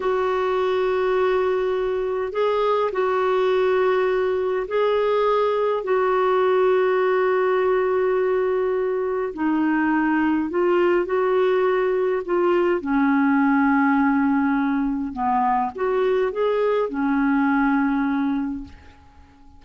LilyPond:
\new Staff \with { instrumentName = "clarinet" } { \time 4/4 \tempo 4 = 103 fis'1 | gis'4 fis'2. | gis'2 fis'2~ | fis'1 |
dis'2 f'4 fis'4~ | fis'4 f'4 cis'2~ | cis'2 b4 fis'4 | gis'4 cis'2. | }